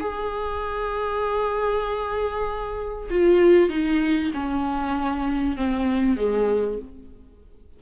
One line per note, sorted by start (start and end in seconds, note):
0.00 3.09 G#4
3.10 3.69 F4
3.69 4.31 D#4
4.34 5.56 C#4
5.56 6.17 C4
6.17 6.78 G#3